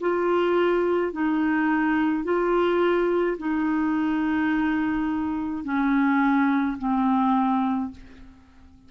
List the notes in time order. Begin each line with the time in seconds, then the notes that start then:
0.00 F4
1.12 D#4
2.24 F4
3.38 D#4
5.64 C#4
6.78 C4